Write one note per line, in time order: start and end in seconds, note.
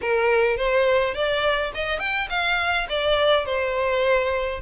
0.01 0.56 A#4
0.56 1.14 C5
1.14 1.72 D5
1.74 1.99 D#5
1.99 2.28 G5
2.29 2.87 F5
2.89 3.45 D5
3.45 4.60 C5